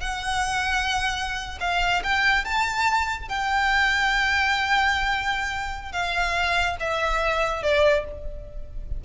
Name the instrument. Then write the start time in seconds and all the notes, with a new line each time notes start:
violin
0.00 F#5
1.60 F5
2.03 G5
2.44 A5
3.28 G5
5.92 F5
6.80 E5
7.62 D5